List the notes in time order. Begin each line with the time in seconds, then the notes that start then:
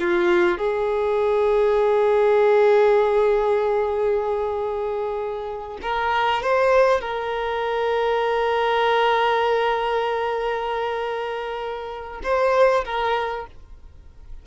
0.00 F4
0.58 G#4
5.83 A#4
6.43 C5
7.01 A#4
12.24 C5
12.85 A#4